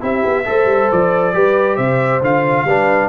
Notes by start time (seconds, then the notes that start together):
0.00 C4 E4 G4 E5
0.24 B3
0.45 A3 A4 C5
0.65 G3
0.91 F3 D5
1.33 G3 G4 B4
1.76 C3 C5 E5
2.21 D3 F4 F5
2.64 G3 D4 B4